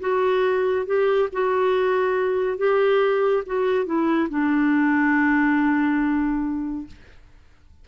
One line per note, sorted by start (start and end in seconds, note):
0.00 0.86 F#4
0.86 1.29 G4
1.32 2.58 F#4
2.58 3.44 G4
3.46 3.85 F#4
3.85 4.28 E4
4.30 6.87 D4